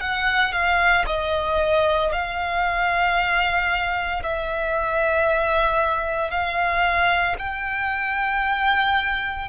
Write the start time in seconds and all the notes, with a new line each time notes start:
0.00 F#5
0.52 F5
1.07 D#5
2.12 F5
4.23 E5
6.31 F5
7.39 G5